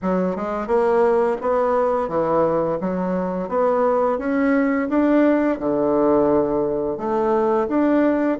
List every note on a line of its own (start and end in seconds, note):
0.02 0.36 F#3
0.36 0.67 G#3
0.67 1.36 A#3
1.41 2.08 B3
2.08 2.78 E3
2.81 3.48 F#3
3.48 4.18 B3
4.18 4.88 C#4
4.89 5.59 D4
5.59 6.97 D3
6.97 7.67 A3
7.68 8.38 D4